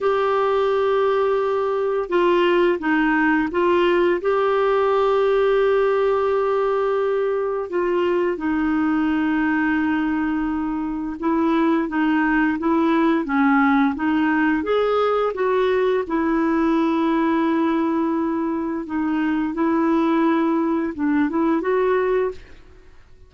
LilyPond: \new Staff \with { instrumentName = "clarinet" } { \time 4/4 \tempo 4 = 86 g'2. f'4 | dis'4 f'4 g'2~ | g'2. f'4 | dis'1 |
e'4 dis'4 e'4 cis'4 | dis'4 gis'4 fis'4 e'4~ | e'2. dis'4 | e'2 d'8 e'8 fis'4 | }